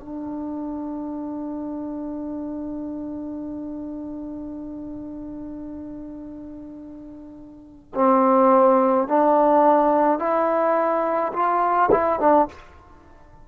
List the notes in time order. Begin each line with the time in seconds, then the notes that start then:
0.00 D4
7.95 C4
9.08 D4
10.19 E4
11.33 F4
11.92 E4
12.20 D4